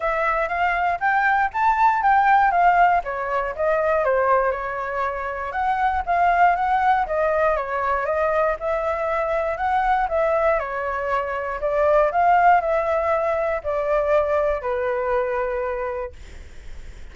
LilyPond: \new Staff \with { instrumentName = "flute" } { \time 4/4 \tempo 4 = 119 e''4 f''4 g''4 a''4 | g''4 f''4 cis''4 dis''4 | c''4 cis''2 fis''4 | f''4 fis''4 dis''4 cis''4 |
dis''4 e''2 fis''4 | e''4 cis''2 d''4 | f''4 e''2 d''4~ | d''4 b'2. | }